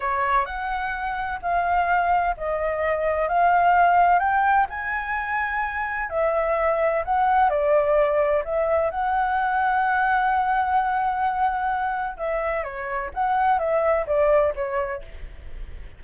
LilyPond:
\new Staff \with { instrumentName = "flute" } { \time 4/4 \tempo 4 = 128 cis''4 fis''2 f''4~ | f''4 dis''2 f''4~ | f''4 g''4 gis''2~ | gis''4 e''2 fis''4 |
d''2 e''4 fis''4~ | fis''1~ | fis''2 e''4 cis''4 | fis''4 e''4 d''4 cis''4 | }